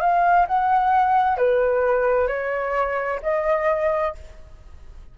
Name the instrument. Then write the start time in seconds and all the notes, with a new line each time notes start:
flute
0.00 F5
0.47 F#5
1.37 B4
2.27 C#5
3.22 D#5